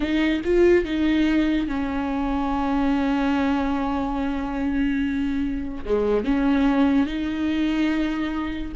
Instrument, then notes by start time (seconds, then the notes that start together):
viola
0.00 D#4
0.44 F4
0.84 D#4
1.67 C#4
5.84 G#3
6.24 C#4
7.06 D#4